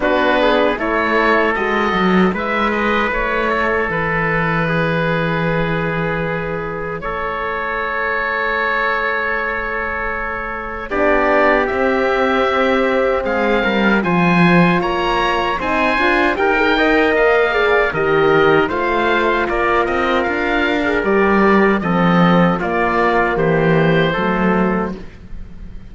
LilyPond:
<<
  \new Staff \with { instrumentName = "oboe" } { \time 4/4 \tempo 4 = 77 b'4 cis''4 dis''4 e''8 dis''8 | cis''4 b'2.~ | b'4 cis''2.~ | cis''2 d''4 e''4~ |
e''4 f''4 gis''4 ais''4 | gis''4 g''4 f''4 dis''4 | f''4 d''8 dis''8 f''4 d''4 | dis''4 d''4 c''2 | }
  \new Staff \with { instrumentName = "trumpet" } { \time 4/4 fis'8 gis'8 a'2 b'4~ | b'8 a'4. gis'2~ | gis'4 a'2.~ | a'2 g'2~ |
g'4 gis'8 ais'8 c''4 cis''4 | c''4 ais'8 dis''4 d''8 ais'4 | c''4 ais'2. | a'4 f'4 g'4 a'4 | }
  \new Staff \with { instrumentName = "horn" } { \time 4/4 d'4 e'4 fis'4 e'4~ | e'1~ | e'1~ | e'2 d'4 c'4~ |
c'2 f'2 | dis'8 f'8 g'16 gis'16 ais'4 gis'8 g'4 | f'2~ f'8. gis'16 g'4 | c'4 ais2 a4 | }
  \new Staff \with { instrumentName = "cello" } { \time 4/4 b4 a4 gis8 fis8 gis4 | a4 e2.~ | e4 a2.~ | a2 b4 c'4~ |
c'4 gis8 g8 f4 ais4 | c'8 d'8 dis'4 ais4 dis4 | a4 ais8 c'8 d'4 g4 | f4 ais4 e4 fis4 | }
>>